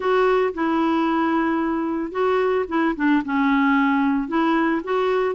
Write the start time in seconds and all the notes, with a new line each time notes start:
0.00 F#4
0.54 E4
2.11 F#4
2.68 E4
2.96 D4
3.24 C#4
4.28 E4
4.84 F#4